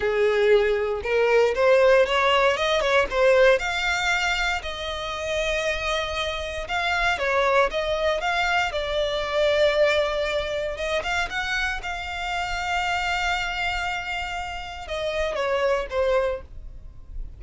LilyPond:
\new Staff \with { instrumentName = "violin" } { \time 4/4 \tempo 4 = 117 gis'2 ais'4 c''4 | cis''4 dis''8 cis''8 c''4 f''4~ | f''4 dis''2.~ | dis''4 f''4 cis''4 dis''4 |
f''4 d''2.~ | d''4 dis''8 f''8 fis''4 f''4~ | f''1~ | f''4 dis''4 cis''4 c''4 | }